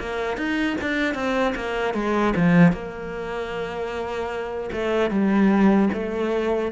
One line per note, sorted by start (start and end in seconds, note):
0.00 0.37 A#3
0.37 0.77 D#4
0.81 1.15 D4
1.15 1.54 C4
1.56 1.94 A#3
1.94 2.34 G#3
2.36 2.73 F3
2.73 4.70 A#3
4.72 5.11 A3
5.11 5.90 G3
5.94 6.72 A3